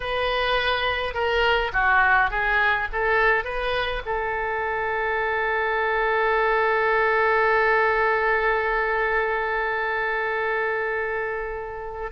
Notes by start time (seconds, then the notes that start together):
0.00 B4
1.14 A#4
1.72 F#4
2.30 G#4
2.92 A4
3.44 B4
4.05 A4